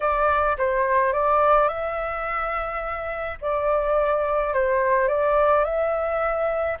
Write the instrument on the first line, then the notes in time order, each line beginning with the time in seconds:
flute
0.00 D5
0.57 C5
1.12 D5
1.68 E5
3.41 D5
4.53 C5
5.08 D5
5.64 E5